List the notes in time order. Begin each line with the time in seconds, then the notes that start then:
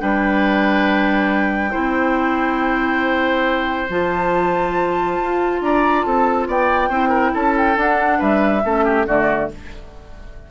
0.00 G3 D4 B4 G5
1.71 C4 E4 C5
3.90 F3 F4 A5
5.19 F4
5.62 D4 D5 A#5
6.02 C4 A4 A5
6.48 B3 D5 G5
6.90 C4 E4 C5
7.09 A#4
7.35 C#4 A4 A5
7.58 G5
7.76 D4 F#5
8.19 G3 B4 E5
8.64 A3 C#4 A4
8.85 G4
9.07 D3 A3 F#4 D5